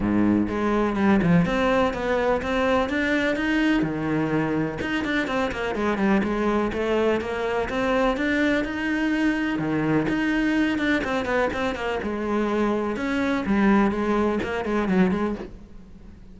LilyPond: \new Staff \with { instrumentName = "cello" } { \time 4/4 \tempo 4 = 125 gis,4 gis4 g8 f8 c'4 | b4 c'4 d'4 dis'4 | dis2 dis'8 d'8 c'8 ais8 | gis8 g8 gis4 a4 ais4 |
c'4 d'4 dis'2 | dis4 dis'4. d'8 c'8 b8 | c'8 ais8 gis2 cis'4 | g4 gis4 ais8 gis8 fis8 gis8 | }